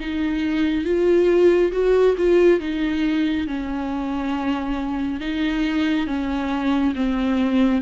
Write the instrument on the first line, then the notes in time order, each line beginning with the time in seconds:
viola
0.00 D#4
0.85 F4
1.72 F#4
2.17 F4
2.60 D#4
3.47 C#4
5.21 D#4
6.07 C#4
6.95 C4